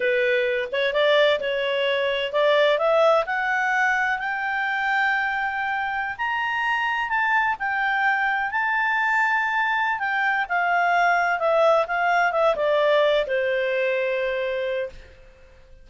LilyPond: \new Staff \with { instrumentName = "clarinet" } { \time 4/4 \tempo 4 = 129 b'4. cis''8 d''4 cis''4~ | cis''4 d''4 e''4 fis''4~ | fis''4 g''2.~ | g''4~ g''16 ais''2 a''8.~ |
a''16 g''2 a''4.~ a''16~ | a''4. g''4 f''4.~ | f''8 e''4 f''4 e''8 d''4~ | d''8 c''2.~ c''8 | }